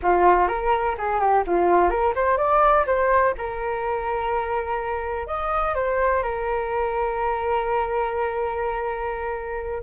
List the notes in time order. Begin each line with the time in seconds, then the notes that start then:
0.02 F4
0.48 A#4
0.98 G#4
1.20 G4
1.47 F4
1.90 A#4
2.15 C5
2.37 D5
2.86 C5
3.37 A#4
5.26 D#5
5.74 C5
6.23 A#4